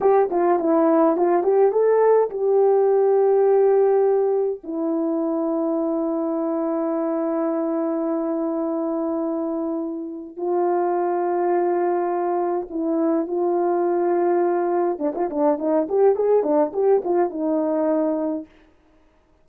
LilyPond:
\new Staff \with { instrumentName = "horn" } { \time 4/4 \tempo 4 = 104 g'8 f'8 e'4 f'8 g'8 a'4 | g'1 | e'1~ | e'1~ |
e'2 f'2~ | f'2 e'4 f'4~ | f'2 d'16 f'16 d'8 dis'8 g'8 | gis'8 d'8 g'8 f'8 dis'2 | }